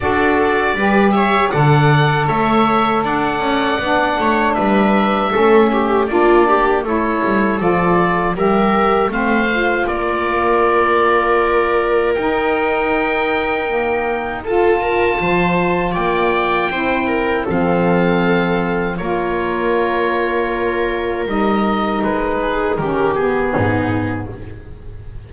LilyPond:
<<
  \new Staff \with { instrumentName = "oboe" } { \time 4/4 \tempo 4 = 79 d''4. e''8 fis''4 e''4 | fis''2 e''2 | d''4 cis''4 d''4 e''4 | f''4 d''2. |
g''2. a''4~ | a''4 g''2 f''4~ | f''4 cis''2. | dis''4 b'4 ais'8 gis'4. | }
  \new Staff \with { instrumentName = "viola" } { \time 4/4 a'4 b'8 cis''8 d''4 cis''4 | d''4. cis''8 b'4 a'8 g'8 | f'8 g'8 a'2 ais'4 | c''4 ais'2.~ |
ais'2. a'8 ais'8 | c''4 d''4 c''8 ais'8 a'4~ | a'4 ais'2.~ | ais'4. gis'8 g'4 dis'4 | }
  \new Staff \with { instrumentName = "saxophone" } { \time 4/4 fis'4 g'4 a'2~ | a'4 d'2 cis'4 | d'4 e'4 f'4 g'4 | c'8 f'2.~ f'8 |
dis'2 ais4 f'4~ | f'2 e'4 c'4~ | c'4 f'2. | dis'2 cis'8 b4. | }
  \new Staff \with { instrumentName = "double bass" } { \time 4/4 d'4 g4 d4 a4 | d'8 cis'8 b8 a8 g4 a4 | ais4 a8 g8 f4 g4 | a4 ais2. |
dis'2. f'4 | f4 ais4 c'4 f4~ | f4 ais2. | g4 gis4 dis4 gis,4 | }
>>